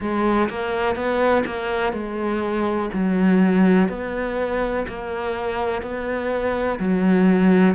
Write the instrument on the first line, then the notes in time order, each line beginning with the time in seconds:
cello
0.00 G#3
0.49 A#3
0.95 B3
1.46 A#3
1.92 G#3
2.93 F#3
3.88 B3
4.87 A#3
5.82 B3
6.79 F#3